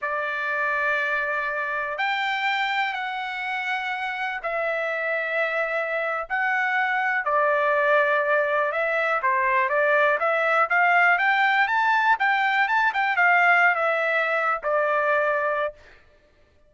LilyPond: \new Staff \with { instrumentName = "trumpet" } { \time 4/4 \tempo 4 = 122 d''1 | g''2 fis''2~ | fis''4 e''2.~ | e''8. fis''2 d''4~ d''16~ |
d''4.~ d''16 e''4 c''4 d''16~ | d''8. e''4 f''4 g''4 a''16~ | a''8. g''4 a''8 g''8 f''4~ f''16 | e''4.~ e''16 d''2~ d''16 | }